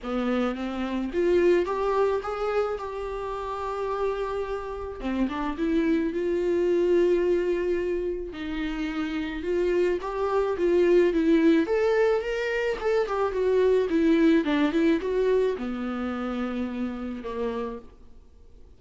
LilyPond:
\new Staff \with { instrumentName = "viola" } { \time 4/4 \tempo 4 = 108 b4 c'4 f'4 g'4 | gis'4 g'2.~ | g'4 c'8 d'8 e'4 f'4~ | f'2. dis'4~ |
dis'4 f'4 g'4 f'4 | e'4 a'4 ais'4 a'8 g'8 | fis'4 e'4 d'8 e'8 fis'4 | b2. ais4 | }